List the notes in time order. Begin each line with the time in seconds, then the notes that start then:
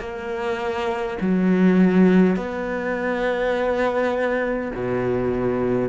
0.00 A#3
1.21 F#3
2.36 B3
4.75 B2